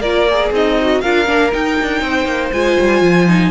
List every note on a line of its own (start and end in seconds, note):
0.00 0.50 A#3
0.00 0.28 F4
0.00 0.50 A#4
0.00 0.51 D5
0.30 0.80 G#4
0.51 1.01 C4
0.51 1.02 D#4
0.51 1.01 D#5
0.81 1.03 F#4
1.01 1.28 D4
1.01 1.26 F4
1.01 2.02 A#4
1.01 1.51 F5
1.26 1.53 A#3
1.26 1.51 D4
1.52 2.52 D#4
1.52 1.79 D#4
1.52 2.52 G5
1.81 2.01 D4
2.01 2.25 C4
2.01 3.51 C5
2.25 2.50 A#3
2.52 2.78 G#3
2.52 3.28 F4
2.52 3.51 G#5
2.79 3.01 G3
3.01 3.51 F3
3.28 3.51 D#4